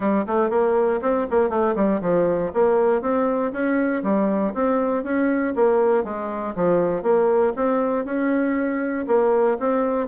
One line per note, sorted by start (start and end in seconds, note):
0.00 0.25 G3
0.27 0.50 A3
0.50 1.00 A#3
1.01 1.27 C4
1.30 1.49 A#3
1.49 1.74 A3
1.75 2.00 G3
2.01 2.51 F3
2.53 3.01 A#3
3.01 3.52 C4
3.52 4.02 C#4
4.03 4.53 G3
4.54 5.03 C4
5.03 5.54 C#4
5.55 6.03 A#3
6.03 6.54 G#3
6.55 7.02 F3
7.02 7.53 A#3
7.56 8.05 C4
8.05 9.06 C#4
9.07 9.57 A#3
9.59 10.07 C4